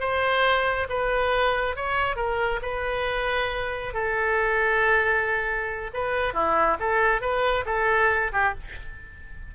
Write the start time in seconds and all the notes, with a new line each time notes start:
0.00 C5
0.89 B4
1.76 C#5
2.16 A#4
2.62 B4
3.94 A4
5.94 B4
6.34 E4
6.80 A4
7.21 B4
7.66 A4
8.32 G4